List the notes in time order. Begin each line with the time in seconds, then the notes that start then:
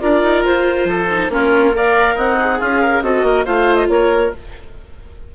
0.00 D4 F4 A#4 D5
0.23 D#4
0.45 F4 C5
0.85 F3 A4
1.11 D#4
1.30 A#3 C#4 F4 A#4
1.73 A#4 D5 F5
2.15 C4 D#4 F#5
2.40 G#4
2.59 C#4 F4 F5
2.82 A#4
3.02 C4 F#4 A4 D#5
3.23 A#3 A#4
3.45 A3 F4 C5 F5
3.75 D#5
3.88 A#3 A#4 C#5